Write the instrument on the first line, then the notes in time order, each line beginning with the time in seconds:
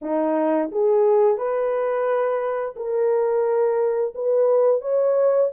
horn
0.01 D#4
0.71 G#4
1.37 B4
2.76 A#4
4.14 B4
4.81 C#5